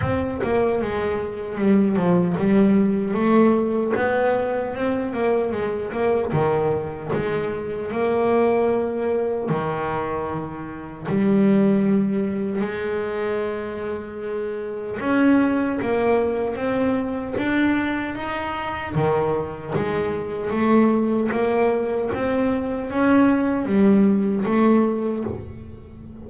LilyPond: \new Staff \with { instrumentName = "double bass" } { \time 4/4 \tempo 4 = 76 c'8 ais8 gis4 g8 f8 g4 | a4 b4 c'8 ais8 gis8 ais8 | dis4 gis4 ais2 | dis2 g2 |
gis2. cis'4 | ais4 c'4 d'4 dis'4 | dis4 gis4 a4 ais4 | c'4 cis'4 g4 a4 | }